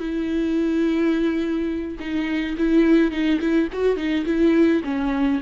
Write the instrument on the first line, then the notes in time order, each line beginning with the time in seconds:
viola
0.00 E4
2.00 D#4
2.58 E4
3.12 D#4
3.41 E4
3.73 F#4
3.97 D#4
4.26 E4
4.84 C#4